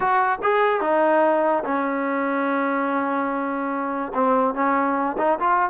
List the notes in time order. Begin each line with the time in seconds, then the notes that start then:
0.00 F#4
0.42 G#4
0.80 D#4
1.64 C#4
4.13 C4
4.54 C#4
5.18 D#4
5.39 F4